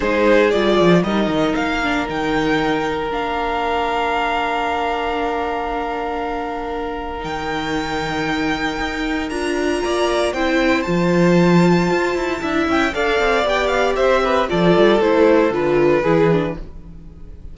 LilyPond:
<<
  \new Staff \with { instrumentName = "violin" } { \time 4/4 \tempo 4 = 116 c''4 d''4 dis''4 f''4 | g''2 f''2~ | f''1~ | f''2 g''2~ |
g''2 ais''2 | g''4 a''2.~ | a''8 g''8 f''4 g''8 f''8 e''4 | d''4 c''4 b'2 | }
  \new Staff \with { instrumentName = "violin" } { \time 4/4 gis'2 ais'2~ | ais'1~ | ais'1~ | ais'1~ |
ais'2. d''4 | c''1 | e''4 d''2 c''8 b'8 | a'2. gis'4 | }
  \new Staff \with { instrumentName = "viola" } { \time 4/4 dis'4 f'4 dis'4. d'8 | dis'2 d'2~ | d'1~ | d'2 dis'2~ |
dis'2 f'2 | e'4 f'2. | e'4 a'4 g'2 | f'4 e'4 f'4 e'8 d'8 | }
  \new Staff \with { instrumentName = "cello" } { \time 4/4 gis4 g8 f8 g8 dis8 ais4 | dis2 ais2~ | ais1~ | ais2 dis2~ |
dis4 dis'4 d'4 ais4 | c'4 f2 f'8 e'8 | d'8 cis'8 d'8 c'8 b4 c'4 | f8 g8 a4 d4 e4 | }
>>